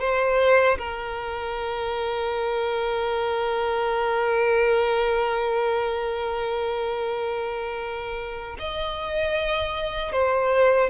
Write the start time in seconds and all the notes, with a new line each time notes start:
0.00 C5
0.78 A#4
8.59 D#5
10.12 C5